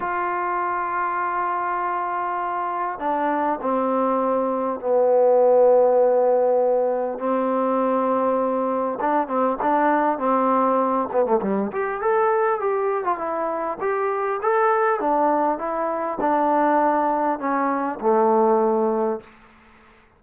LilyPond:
\new Staff \with { instrumentName = "trombone" } { \time 4/4 \tempo 4 = 100 f'1~ | f'4 d'4 c'2 | b1 | c'2. d'8 c'8 |
d'4 c'4. b16 a16 g8 g'8 | a'4 g'8. f'16 e'4 g'4 | a'4 d'4 e'4 d'4~ | d'4 cis'4 a2 | }